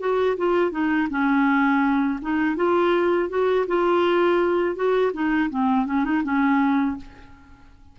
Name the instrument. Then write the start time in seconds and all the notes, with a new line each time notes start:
clarinet
0.00 F#4
0.37 F4
0.71 D#4
1.10 C#4
2.22 D#4
2.56 F4
3.29 F#4
3.67 F4
4.76 F#4
5.13 D#4
5.50 C4
5.86 C#4
6.04 D#4
6.23 C#4